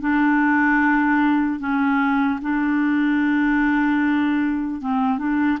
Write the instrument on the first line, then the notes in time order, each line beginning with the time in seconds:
clarinet
0.00 D4
1.59 C#4
2.41 D4
4.81 C4
5.18 D4